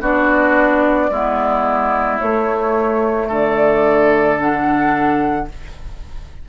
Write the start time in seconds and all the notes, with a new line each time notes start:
0.00 B3 D4 F#4 D5
1.10 G#3 B3 E4
2.18 A3 C#5
3.27 D3 A4 D5
4.39 D4 F#5